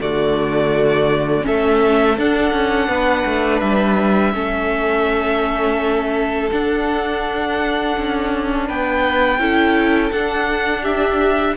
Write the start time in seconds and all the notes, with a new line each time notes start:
0.00 D3 A3 F#4 D5
1.42 A3 C#4 A4 E5
2.18 D4 F#5
2.53 C#4
2.88 B3 B4
3.26 A3
3.60 G3 E5
4.34 A3 C#4 A4
6.52 D4 F#5
7.98 C#4
8.68 B3 B4 G5
9.39 C#4 E4 A4
10.12 D4 F#5
10.82 G4 E5